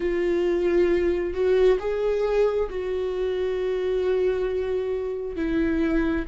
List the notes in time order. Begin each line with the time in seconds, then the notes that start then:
0.00 F4
1.33 F#4
1.79 G#4
2.69 F#4
5.35 E4